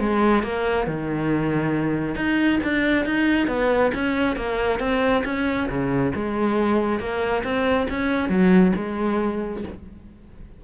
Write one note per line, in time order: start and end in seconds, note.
0.00 0.43 G#3
0.43 0.87 A#3
0.87 2.16 D#3
2.16 2.60 D#4
2.64 3.06 D4
3.06 3.48 D#4
3.48 3.92 B3
3.95 4.36 C#4
4.36 4.80 A#3
4.80 5.24 C4
5.25 5.69 C#4
5.69 6.13 C#3
6.15 7.00 G#3
7.00 7.43 A#3
7.44 7.88 C4
7.90 8.29 C#4
8.29 8.73 F#3
8.76 9.63 G#3